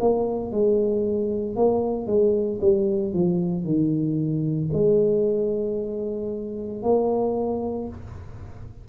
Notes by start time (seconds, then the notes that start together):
0.00 A#3
0.51 G#3
1.56 A#3
2.06 G#3
2.61 G3
3.13 F3
3.64 D#3
4.73 G#3
6.82 A#3